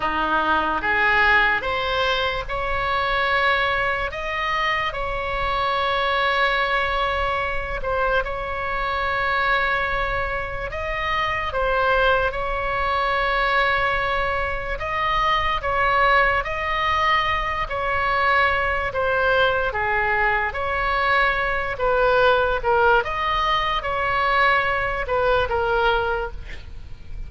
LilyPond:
\new Staff \with { instrumentName = "oboe" } { \time 4/4 \tempo 4 = 73 dis'4 gis'4 c''4 cis''4~ | cis''4 dis''4 cis''2~ | cis''4. c''8 cis''2~ | cis''4 dis''4 c''4 cis''4~ |
cis''2 dis''4 cis''4 | dis''4. cis''4. c''4 | gis'4 cis''4. b'4 ais'8 | dis''4 cis''4. b'8 ais'4 | }